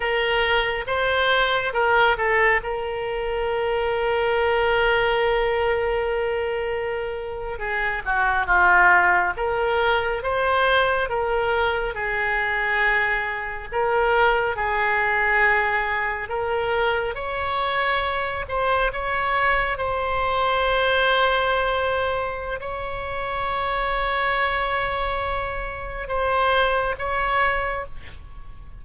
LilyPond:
\new Staff \with { instrumentName = "oboe" } { \time 4/4 \tempo 4 = 69 ais'4 c''4 ais'8 a'8 ais'4~ | ais'1~ | ais'8. gis'8 fis'8 f'4 ais'4 c''16~ | c''8. ais'4 gis'2 ais'16~ |
ais'8. gis'2 ais'4 cis''16~ | cis''4~ cis''16 c''8 cis''4 c''4~ c''16~ | c''2 cis''2~ | cis''2 c''4 cis''4 | }